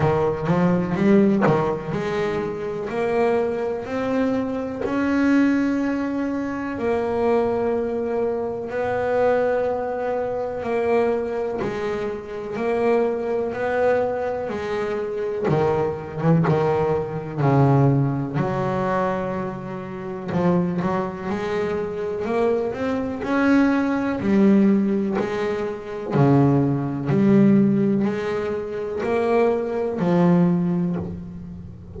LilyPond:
\new Staff \with { instrumentName = "double bass" } { \time 4/4 \tempo 4 = 62 dis8 f8 g8 dis8 gis4 ais4 | c'4 cis'2 ais4~ | ais4 b2 ais4 | gis4 ais4 b4 gis4 |
dis8. e16 dis4 cis4 fis4~ | fis4 f8 fis8 gis4 ais8 c'8 | cis'4 g4 gis4 cis4 | g4 gis4 ais4 f4 | }